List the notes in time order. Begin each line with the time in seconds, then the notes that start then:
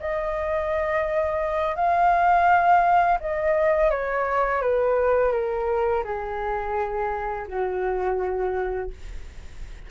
0.00 D#5
1.76 F5
3.20 D#5
3.91 C#5
4.62 B4
5.32 A#4
6.04 G#4
7.48 F#4